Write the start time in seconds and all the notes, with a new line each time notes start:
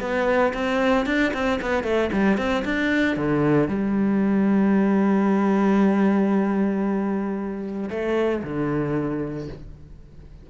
0.00 B3
0.54 C4
1.06 D4
1.33 C4
1.61 B3
1.83 A3
2.12 G3
2.37 C4
2.64 D4
3.16 D3
3.68 G3
7.90 A3
8.43 D3